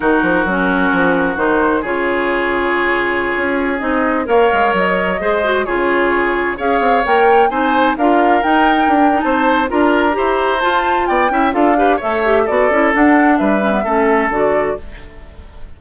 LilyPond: <<
  \new Staff \with { instrumentName = "flute" } { \time 4/4 \tempo 4 = 130 ais'2. c''4 | cis''1~ | cis''16 dis''4 f''4 dis''4.~ dis''16~ | dis''16 cis''2 f''4 g''8.~ |
g''16 gis''4 f''4 g''4.~ g''16 | a''4 ais''2 a''4 | g''4 f''4 e''4 d''4 | fis''4 e''2 d''4 | }
  \new Staff \with { instrumentName = "oboe" } { \time 4/4 fis'1 | gis'1~ | gis'4~ gis'16 cis''2 c''8.~ | c''16 gis'2 cis''4.~ cis''16~ |
cis''16 c''4 ais'2~ ais'8. | c''4 ais'4 c''2 | d''8 e''8 a'8 b'8 cis''4 a'4~ | a'4 b'4 a'2 | }
  \new Staff \with { instrumentName = "clarinet" } { \time 4/4 dis'4 cis'2 dis'4 | f'1~ | f'16 dis'4 ais'2 gis'8 fis'16~ | fis'16 f'2 gis'4 ais'8.~ |
ais'16 dis'4 f'4 dis'4~ dis'16 d'16 dis'16~ | dis'4 f'4 g'4 f'4~ | f'8 e'8 f'8 g'8 a'8 g'8 fis'8 e'8 | d'4. cis'16 b16 cis'4 fis'4 | }
  \new Staff \with { instrumentName = "bassoon" } { \time 4/4 dis8 f8 fis4 f4 dis4 | cis2.~ cis16 cis'8.~ | cis'16 c'4 ais8 gis8 fis4 gis8.~ | gis16 cis2 cis'8 c'8 ais8.~ |
ais16 c'4 d'4 dis'4 d'8. | c'4 d'4 e'4 f'4 | b8 cis'8 d'4 a4 b8 cis'8 | d'4 g4 a4 d4 | }
>>